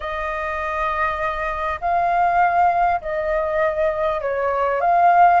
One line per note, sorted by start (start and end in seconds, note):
0.00 1.80 D#5
1.80 3.00 F5
3.01 4.21 D#5
4.21 4.80 C#5
4.80 5.40 F5